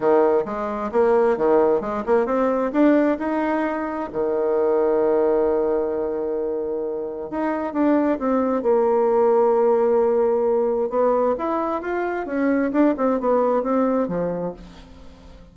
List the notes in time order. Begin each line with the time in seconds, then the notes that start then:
0.00 D#3
0.45 G#3
0.91 A#3
1.37 D#3
1.80 G#3
2.06 A#3
2.26 C4
2.72 D4
3.18 D#4
4.12 D#3
7.30 D#4
7.73 D4
8.18 C4
8.62 A#3
10.89 B3
11.38 E4
11.81 F4
12.26 C#4
12.72 D4
12.97 C4
13.19 B3
13.62 C4
14.08 F3